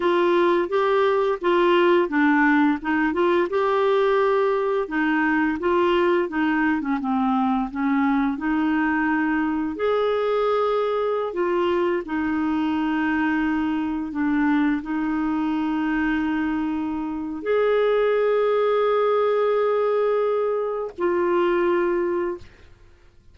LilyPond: \new Staff \with { instrumentName = "clarinet" } { \time 4/4 \tempo 4 = 86 f'4 g'4 f'4 d'4 | dis'8 f'8 g'2 dis'4 | f'4 dis'8. cis'16 c'4 cis'4 | dis'2 gis'2~ |
gis'16 f'4 dis'2~ dis'8.~ | dis'16 d'4 dis'2~ dis'8.~ | dis'4 gis'2.~ | gis'2 f'2 | }